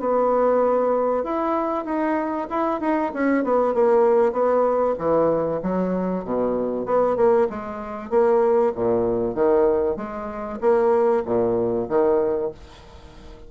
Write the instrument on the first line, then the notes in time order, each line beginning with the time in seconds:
bassoon
0.00 B3
1.24 E4
1.85 D#4
2.50 E4
2.81 D#4
3.14 C#4
3.44 B3
3.74 A#3
4.33 B3
4.99 E3
5.62 F#3
6.25 B2
6.86 B3
7.17 A#3
7.50 G#3
8.10 A#3
8.75 A#2
9.35 D#3
9.97 G#3
10.61 A#3
11.26 A#2
11.89 D#3